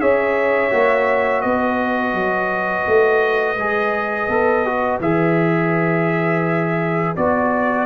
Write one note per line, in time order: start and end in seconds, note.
0.00 0.71 C#4
0.00 0.71 G#4
0.00 1.43 C#5
0.00 1.41 E5
0.71 1.44 A#3
0.71 3.57 F#4
1.41 2.14 B3
1.41 7.86 B4
1.41 4.99 D#5
2.14 2.85 F#3
2.87 3.56 A3
3.56 4.28 G#3
3.56 4.31 G#4
4.28 5.00 B3
4.28 4.65 A4
4.65 5.01 F#4
5.00 7.14 E3
5.00 7.16 G#4
5.00 7.16 E5
7.16 7.86 B3
7.16 7.86 F#4
7.16 7.86 D5